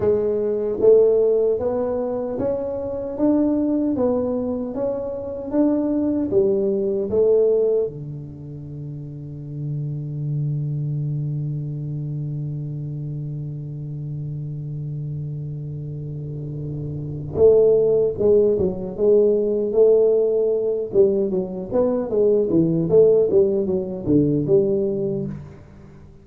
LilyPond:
\new Staff \with { instrumentName = "tuba" } { \time 4/4 \tempo 4 = 76 gis4 a4 b4 cis'4 | d'4 b4 cis'4 d'4 | g4 a4 d2~ | d1~ |
d1~ | d2 a4 gis8 fis8 | gis4 a4. g8 fis8 b8 | gis8 e8 a8 g8 fis8 d8 g4 | }